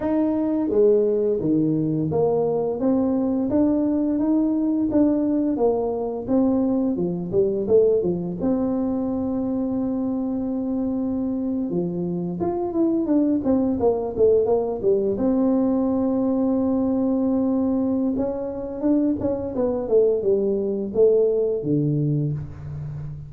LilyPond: \new Staff \with { instrumentName = "tuba" } { \time 4/4 \tempo 4 = 86 dis'4 gis4 dis4 ais4 | c'4 d'4 dis'4 d'4 | ais4 c'4 f8 g8 a8 f8 | c'1~ |
c'8. f4 f'8 e'8 d'8 c'8 ais16~ | ais16 a8 ais8 g8 c'2~ c'16~ | c'2 cis'4 d'8 cis'8 | b8 a8 g4 a4 d4 | }